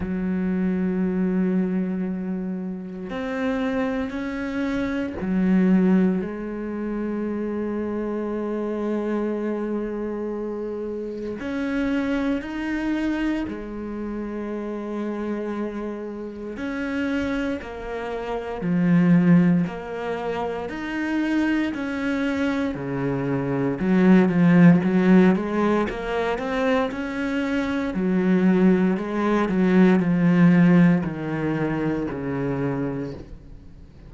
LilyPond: \new Staff \with { instrumentName = "cello" } { \time 4/4 \tempo 4 = 58 fis2. c'4 | cis'4 fis4 gis2~ | gis2. cis'4 | dis'4 gis2. |
cis'4 ais4 f4 ais4 | dis'4 cis'4 cis4 fis8 f8 | fis8 gis8 ais8 c'8 cis'4 fis4 | gis8 fis8 f4 dis4 cis4 | }